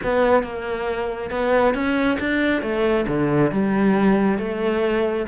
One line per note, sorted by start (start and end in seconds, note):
0.03 0.43 B3
0.43 1.30 A#3
1.30 1.74 B3
1.74 2.18 C#4
2.19 2.62 D4
2.62 3.06 A3
3.07 3.51 D3
3.51 4.38 G3
4.38 5.26 A3